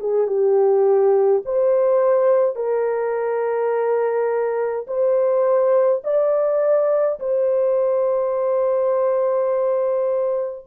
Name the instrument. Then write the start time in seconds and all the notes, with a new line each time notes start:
horn
0.00 G#4
0.27 G4
1.45 C5
2.55 A#4
4.87 C5
6.04 D5
7.20 C5